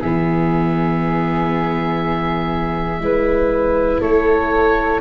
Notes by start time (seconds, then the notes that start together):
0.00 E3 B3 G#4 E5
2.99 G#3 E4 B4
4.00 A3 A4 C#5